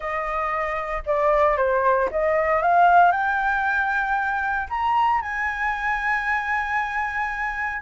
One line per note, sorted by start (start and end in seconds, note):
0.00 1.02 D#5
1.06 1.57 D5
1.57 2.09 C5
2.11 2.62 D#5
2.62 3.11 F5
3.11 4.68 G5
4.69 5.21 A#5
5.21 7.81 G#5